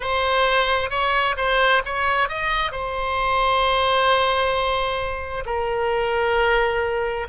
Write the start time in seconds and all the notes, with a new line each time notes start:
0.00 C5
0.90 C#5
1.36 C5
1.85 C#5
2.29 D#5
2.71 C5
5.45 A#4